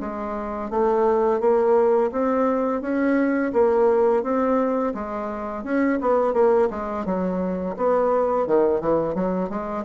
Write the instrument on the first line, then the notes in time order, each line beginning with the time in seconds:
bassoon
0.00 G#3
0.70 A3
1.40 A#3
2.11 C4
2.81 C#4
3.53 A#3
4.23 C4
4.94 G#3
5.64 C#4
6.01 B3
6.33 A#3
6.70 G#3
7.05 F#3
7.76 B3
8.46 D#3
8.80 E3
9.14 F#3
9.49 G#3